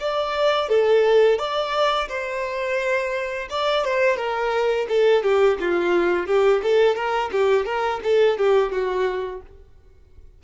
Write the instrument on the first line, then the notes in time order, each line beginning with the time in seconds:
violin
0.00 D5
0.69 A4
1.39 D5
2.09 C5
3.50 D5
3.85 C5
4.17 A#4
4.89 A4
5.23 G4
5.60 F4
6.27 G4
6.63 A4
6.95 A#4
7.32 G4
7.66 A#4
8.04 A4
8.38 G4
8.72 F#4